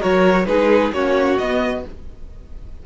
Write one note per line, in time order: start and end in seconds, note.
0.00 0.47 F#3
0.00 0.45 F#4
0.00 0.45 A#4
0.00 0.46 C#5
0.46 0.92 G#3
0.46 0.93 D#4
0.46 0.94 G#4
0.46 0.92 B4
0.93 1.38 A#3
0.93 1.39 C#4
0.93 1.86 F#4
0.93 1.38 C#5
1.38 1.85 B3
1.38 1.86 B3
1.38 1.83 D#5